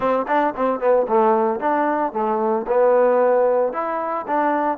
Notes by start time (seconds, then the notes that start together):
0.00 C4
0.27 D4
0.56 C4
0.80 B3
1.08 A3
1.59 D4
2.12 A3
2.67 B3
3.72 E4
4.27 D4